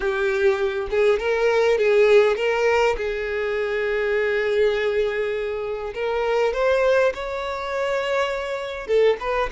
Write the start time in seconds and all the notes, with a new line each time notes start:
0.00 G4
0.90 G#4
1.19 A#4
1.78 G#4
2.36 A#4
2.96 G#4
5.94 A#4
6.53 C5
7.14 C#5
8.87 A4
9.19 B4